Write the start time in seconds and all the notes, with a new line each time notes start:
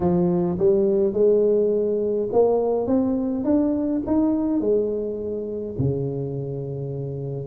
0.00 F3
0.58 G3
1.13 G#3
2.32 A#3
2.86 C4
3.44 D4
4.06 D#4
4.60 G#3
5.78 C#3